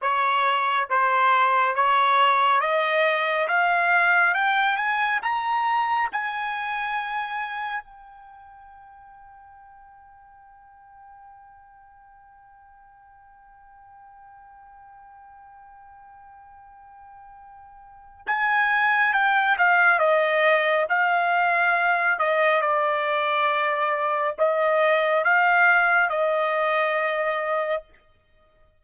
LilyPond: \new Staff \with { instrumentName = "trumpet" } { \time 4/4 \tempo 4 = 69 cis''4 c''4 cis''4 dis''4 | f''4 g''8 gis''8 ais''4 gis''4~ | gis''4 g''2.~ | g''1~ |
g''1~ | g''4 gis''4 g''8 f''8 dis''4 | f''4. dis''8 d''2 | dis''4 f''4 dis''2 | }